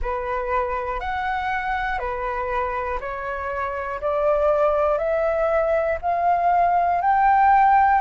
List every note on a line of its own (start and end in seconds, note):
0.02 1.00 B4
1.00 1.99 F#5
1.99 2.99 B4
3.00 4.00 C#5
4.00 4.98 D5
4.98 5.98 E5
6.01 7.00 F5
7.00 8.00 G5